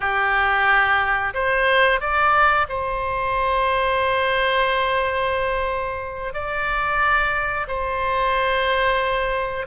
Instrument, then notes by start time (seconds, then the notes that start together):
oboe
0.00 G4
1.33 C5
2.00 D5
2.68 C5
6.33 D5
7.67 C5